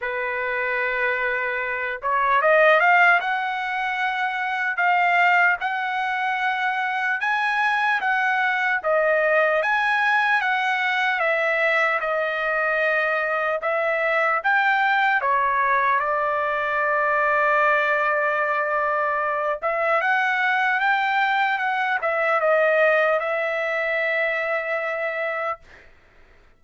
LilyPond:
\new Staff \with { instrumentName = "trumpet" } { \time 4/4 \tempo 4 = 75 b'2~ b'8 cis''8 dis''8 f''8 | fis''2 f''4 fis''4~ | fis''4 gis''4 fis''4 dis''4 | gis''4 fis''4 e''4 dis''4~ |
dis''4 e''4 g''4 cis''4 | d''1~ | d''8 e''8 fis''4 g''4 fis''8 e''8 | dis''4 e''2. | }